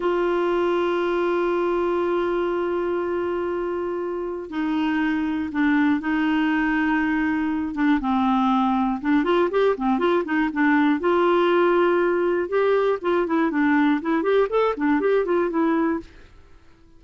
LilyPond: \new Staff \with { instrumentName = "clarinet" } { \time 4/4 \tempo 4 = 120 f'1~ | f'1~ | f'4 dis'2 d'4 | dis'2.~ dis'8 d'8 |
c'2 d'8 f'8 g'8 c'8 | f'8 dis'8 d'4 f'2~ | f'4 g'4 f'8 e'8 d'4 | e'8 g'8 a'8 d'8 g'8 f'8 e'4 | }